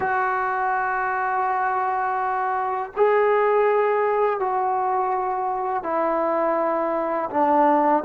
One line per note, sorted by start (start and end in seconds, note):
0.00 2.91 F#4
2.96 4.39 G#4
4.39 5.83 F#4
5.83 7.29 E4
7.30 8.03 D4